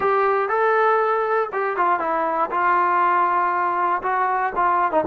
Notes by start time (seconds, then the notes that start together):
0.00 G4
0.48 A4
1.52 G4
1.76 F4
1.99 E4
2.50 F4
4.02 F#4
4.55 F4
4.91 D#4